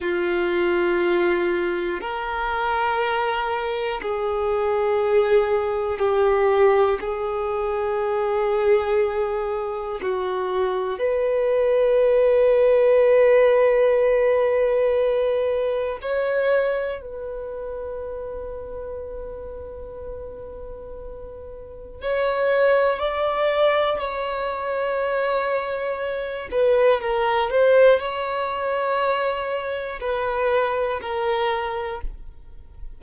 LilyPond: \new Staff \with { instrumentName = "violin" } { \time 4/4 \tempo 4 = 60 f'2 ais'2 | gis'2 g'4 gis'4~ | gis'2 fis'4 b'4~ | b'1 |
cis''4 b'2.~ | b'2 cis''4 d''4 | cis''2~ cis''8 b'8 ais'8 c''8 | cis''2 b'4 ais'4 | }